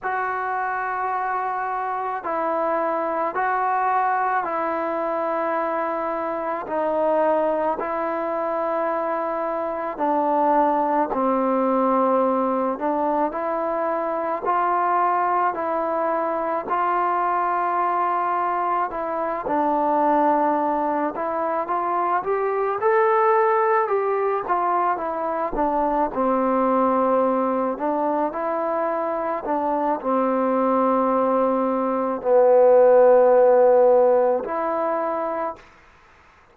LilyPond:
\new Staff \with { instrumentName = "trombone" } { \time 4/4 \tempo 4 = 54 fis'2 e'4 fis'4 | e'2 dis'4 e'4~ | e'4 d'4 c'4. d'8 | e'4 f'4 e'4 f'4~ |
f'4 e'8 d'4. e'8 f'8 | g'8 a'4 g'8 f'8 e'8 d'8 c'8~ | c'4 d'8 e'4 d'8 c'4~ | c'4 b2 e'4 | }